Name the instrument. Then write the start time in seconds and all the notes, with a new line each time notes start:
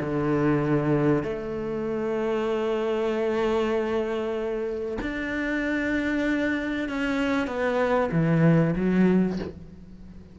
cello
0.00 D3
1.23 A3
5.02 D4
6.89 C#4
7.47 B3
8.12 E3
8.76 F#3